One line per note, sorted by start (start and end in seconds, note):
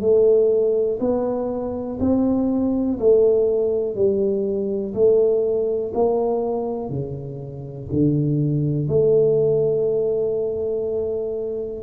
0.00 0.98 A3
1.00 1.98 B3
2.00 2.98 C4
2.99 3.95 A3
3.95 4.94 G3
4.94 5.92 A3
5.94 6.89 A#3
6.89 7.87 C#3
7.92 8.87 D3
8.87 11.83 A3